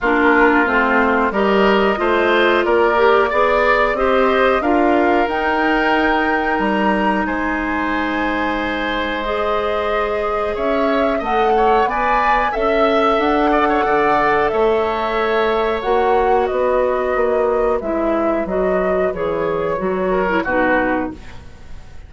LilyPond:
<<
  \new Staff \with { instrumentName = "flute" } { \time 4/4 \tempo 4 = 91 ais'4 c''4 dis''2 | d''2 dis''4 f''4 | g''2 ais''4 gis''4~ | gis''2 dis''2 |
e''4 fis''4 gis''4 e''4 | fis''2 e''2 | fis''4 dis''2 e''4 | dis''4 cis''2 b'4 | }
  \new Staff \with { instrumentName = "oboe" } { \time 4/4 f'2 ais'4 c''4 | ais'4 d''4 c''4 ais'4~ | ais'2. c''4~ | c''1 |
cis''4 dis''8 cis''8 d''4 e''4~ | e''8 d''16 cis''16 d''4 cis''2~ | cis''4 b'2.~ | b'2~ b'8 ais'8 fis'4 | }
  \new Staff \with { instrumentName = "clarinet" } { \time 4/4 d'4 c'4 g'4 f'4~ | f'8 g'8 gis'4 g'4 f'4 | dis'1~ | dis'2 gis'2~ |
gis'4 a'4 b'4 a'4~ | a'1 | fis'2. e'4 | fis'4 gis'4 fis'8. e'16 dis'4 | }
  \new Staff \with { instrumentName = "bassoon" } { \time 4/4 ais4 a4 g4 a4 | ais4 b4 c'4 d'4 | dis'2 g4 gis4~ | gis1 |
cis'4 a4 b4 cis'4 | d'4 d4 a2 | ais4 b4 ais4 gis4 | fis4 e4 fis4 b,4 | }
>>